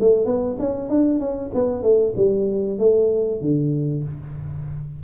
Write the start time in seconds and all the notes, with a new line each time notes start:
0.00 A3
0.25 B3
0.59 C#4
0.89 D4
1.20 C#4
1.54 B3
1.83 A3
2.16 G3
2.78 A3
3.41 D3